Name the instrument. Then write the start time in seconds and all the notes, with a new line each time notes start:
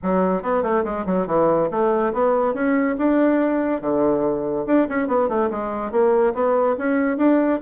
bassoon
0.02 F#3
0.42 B3
0.62 A3
0.84 G#3
1.05 F#3
1.27 E3
1.70 A3
2.13 B3
2.54 C#4
2.98 D4
3.81 D3
4.66 D4
4.88 C#4
5.07 B3
5.28 A3
5.50 G#3
5.91 A#3
6.33 B3
6.78 C#4
7.17 D4